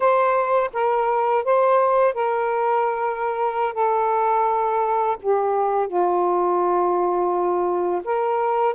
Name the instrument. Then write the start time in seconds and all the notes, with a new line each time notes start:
saxophone
0.00 C5
0.73 A#4
1.44 C5
2.14 A#4
3.73 A4
5.21 G4
5.87 F4
8.04 A#4